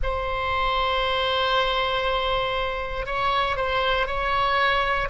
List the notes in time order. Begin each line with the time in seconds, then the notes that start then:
0.02 C5
3.06 C#5
3.56 C5
4.06 C#5